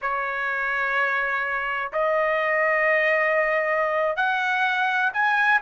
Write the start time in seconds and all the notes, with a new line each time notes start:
0.01 C#5
1.92 D#5
4.16 F#5
5.13 G#5